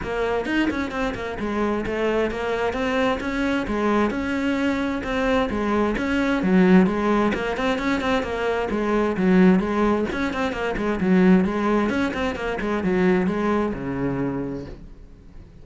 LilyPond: \new Staff \with { instrumentName = "cello" } { \time 4/4 \tempo 4 = 131 ais4 dis'8 cis'8 c'8 ais8 gis4 | a4 ais4 c'4 cis'4 | gis4 cis'2 c'4 | gis4 cis'4 fis4 gis4 |
ais8 c'8 cis'8 c'8 ais4 gis4 | fis4 gis4 cis'8 c'8 ais8 gis8 | fis4 gis4 cis'8 c'8 ais8 gis8 | fis4 gis4 cis2 | }